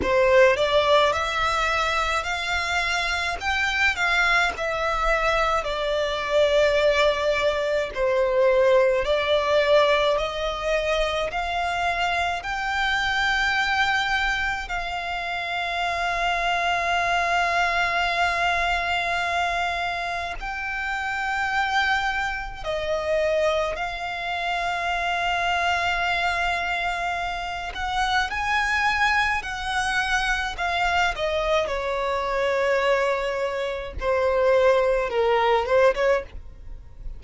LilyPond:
\new Staff \with { instrumentName = "violin" } { \time 4/4 \tempo 4 = 53 c''8 d''8 e''4 f''4 g''8 f''8 | e''4 d''2 c''4 | d''4 dis''4 f''4 g''4~ | g''4 f''2.~ |
f''2 g''2 | dis''4 f''2.~ | f''8 fis''8 gis''4 fis''4 f''8 dis''8 | cis''2 c''4 ais'8 c''16 cis''16 | }